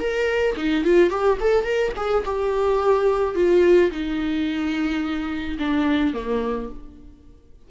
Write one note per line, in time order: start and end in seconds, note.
0.00 0.56 A#4
0.57 0.84 D#4
0.84 1.10 F4
1.10 1.38 G4
1.40 1.64 A4
1.64 1.92 A#4
1.96 2.24 G#4
2.25 3.35 G4
3.35 3.91 F4
3.91 5.58 D#4
5.59 6.14 D4
6.14 6.69 A#3